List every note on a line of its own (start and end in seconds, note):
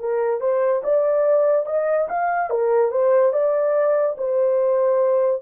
0.00 0.41 A#4
0.41 0.83 C5
0.84 1.66 D5
1.66 2.08 D#5
2.09 2.50 F5
2.50 2.92 A#4
2.92 3.33 C5
3.33 4.16 D5
4.18 5.42 C5